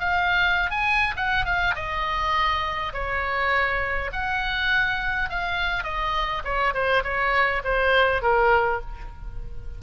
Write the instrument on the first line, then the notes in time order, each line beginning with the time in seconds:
oboe
0.00 F5
0.71 G#5
1.17 F#5
1.46 F5
1.75 D#5
2.94 C#5
4.13 F#5
5.30 F5
5.84 D#5
6.45 C#5
6.74 C5
7.04 C#5
7.64 C5
8.22 A#4